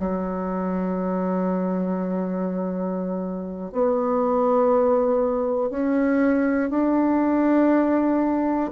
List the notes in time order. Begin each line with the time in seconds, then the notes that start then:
0.00 F#3
3.72 B3
5.70 C#4
6.70 D4